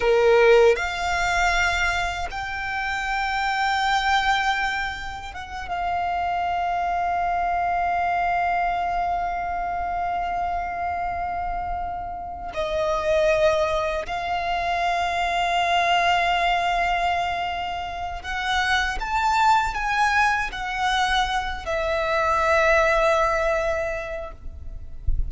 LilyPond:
\new Staff \with { instrumentName = "violin" } { \time 4/4 \tempo 4 = 79 ais'4 f''2 g''4~ | g''2. fis''8 f''8~ | f''1~ | f''1~ |
f''8 dis''2 f''4.~ | f''1 | fis''4 a''4 gis''4 fis''4~ | fis''8 e''2.~ e''8 | }